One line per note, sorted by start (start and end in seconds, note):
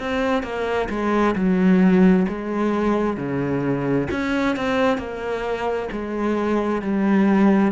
0.00 0.43 C4
0.43 0.89 A#3
0.90 1.36 G#3
1.36 2.27 F#3
2.29 3.17 G#3
3.17 4.08 C#3
4.12 4.57 C#4
4.57 4.98 C4
4.98 5.89 A#3
5.92 6.82 G#3
6.82 7.72 G3